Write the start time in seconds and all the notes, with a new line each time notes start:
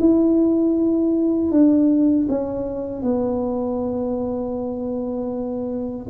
0.00 E4
1.51 D4
2.29 C#4
3.02 B3